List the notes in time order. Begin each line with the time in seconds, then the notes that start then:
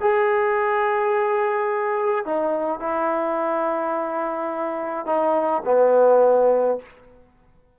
0.00 G#4
2.25 D#4
2.80 E4
5.06 D#4
5.65 B3